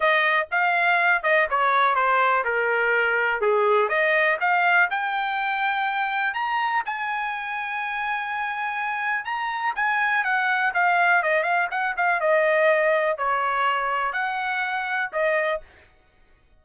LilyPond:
\new Staff \with { instrumentName = "trumpet" } { \time 4/4 \tempo 4 = 123 dis''4 f''4. dis''8 cis''4 | c''4 ais'2 gis'4 | dis''4 f''4 g''2~ | g''4 ais''4 gis''2~ |
gis''2. ais''4 | gis''4 fis''4 f''4 dis''8 f''8 | fis''8 f''8 dis''2 cis''4~ | cis''4 fis''2 dis''4 | }